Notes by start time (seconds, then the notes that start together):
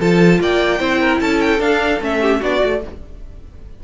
0.00 F3 F4 A4 A5
0.40 A#3 D5 G5
0.80 C4 E4 C5
1.01 A#4
1.21 C#4 A4 A5
1.41 G5
1.59 D4 F5
2.01 A3 C#4 E5
2.21 G4
2.40 B3 D4 F#4 D5
2.60 A3 F#4